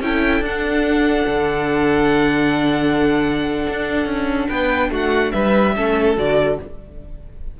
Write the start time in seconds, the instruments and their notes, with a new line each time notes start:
0.00 cello C#4, viola E4, violin A4 G5
0.40 cello D4, viola D4, violin F#5
1.27 cello D3
3.68 cello D4
4.05 cello C#4
4.48 cello B3, violin B4 G5
4.90 cello A3, violin F#4 F#5
5.32 cello G3, violin B4 E5
5.75 cello A3, viola C#4, violin A4
6.16 cello D3, viola F#4, violin D5